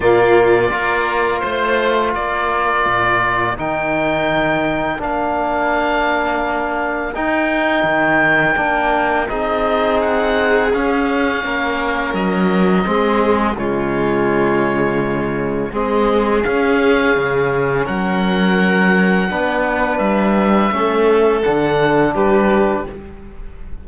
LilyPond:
<<
  \new Staff \with { instrumentName = "oboe" } { \time 4/4 \tempo 4 = 84 d''2 c''4 d''4~ | d''4 g''2 f''4~ | f''2 g''2~ | g''4 dis''4 fis''4 f''4~ |
f''4 dis''2 cis''4~ | cis''2 dis''4 f''4~ | f''4 fis''2. | e''2 fis''4 b'4 | }
  \new Staff \with { instrumentName = "violin" } { \time 4/4 f'4 ais'4 c''4 ais'4~ | ais'1~ | ais'1~ | ais'4 gis'2. |
ais'2 gis'4 f'4~ | f'2 gis'2~ | gis'4 ais'2 b'4~ | b'4 a'2 g'4 | }
  \new Staff \with { instrumentName = "trombone" } { \time 4/4 ais4 f'2.~ | f'4 dis'2 d'4~ | d'2 dis'2 | d'4 dis'2 cis'4~ |
cis'2 c'4 gis4~ | gis2 c'4 cis'4~ | cis'2. d'4~ | d'4 cis'4 d'2 | }
  \new Staff \with { instrumentName = "cello" } { \time 4/4 ais,4 ais4 a4 ais4 | ais,4 dis2 ais4~ | ais2 dis'4 dis4 | ais4 c'2 cis'4 |
ais4 fis4 gis4 cis4~ | cis2 gis4 cis'4 | cis4 fis2 b4 | g4 a4 d4 g4 | }
>>